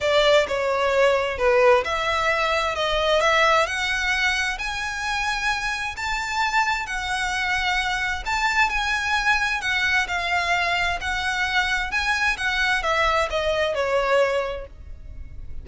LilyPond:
\new Staff \with { instrumentName = "violin" } { \time 4/4 \tempo 4 = 131 d''4 cis''2 b'4 | e''2 dis''4 e''4 | fis''2 gis''2~ | gis''4 a''2 fis''4~ |
fis''2 a''4 gis''4~ | gis''4 fis''4 f''2 | fis''2 gis''4 fis''4 | e''4 dis''4 cis''2 | }